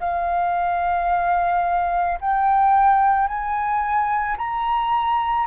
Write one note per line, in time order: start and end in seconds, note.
0.00 2.18 F5
2.21 3.27 G5
3.27 4.36 G#5
4.37 5.46 A#5